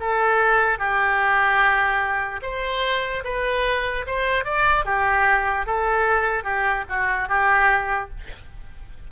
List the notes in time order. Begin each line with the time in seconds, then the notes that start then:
0.00 A4
0.78 G4
2.42 C5
3.24 B4
4.06 C5
4.44 D5
4.85 G4
5.66 A4
6.43 G4
6.89 F#4
7.28 G4